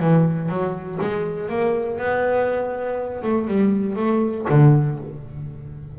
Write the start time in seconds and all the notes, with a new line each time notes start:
0.00 E3
0.49 F#3
1.01 G#3
1.49 A#3
1.98 B3
3.23 A3
3.48 G3
3.96 A3
4.50 D3